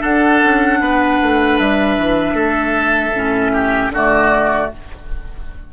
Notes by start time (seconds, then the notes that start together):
0.00 D4 A4 F#5
0.44 C#4
0.81 B3 B4
1.23 A3
1.59 G3 E5
1.98 E3
2.34 A3 A4
3.15 A2 C#4
3.54 G4
3.90 D3 A3 F#4 D5